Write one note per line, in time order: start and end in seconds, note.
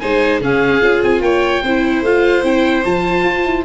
0.00 0.41 G#3
0.00 0.42 D#4
0.00 0.41 C5
0.00 0.41 G#5
0.41 0.81 C#3
0.41 0.81 C#4
0.41 1.22 G#4
0.41 1.04 F5
0.81 1.03 C#4
0.81 1.62 F4
1.03 1.21 C4
1.03 1.22 G#5
1.21 1.62 A#3
1.21 1.63 C#5
1.21 2.03 G5
1.63 2.02 C4
1.63 2.06 E4
1.63 3.65 C5
2.02 2.43 A3
2.02 2.43 F4
2.02 2.45 F5
2.43 2.84 C4
2.43 2.84 E4
2.43 2.85 G5
2.85 3.25 F3
2.85 3.65 F4
2.85 3.65 A5
3.25 3.45 F4
3.45 3.65 E4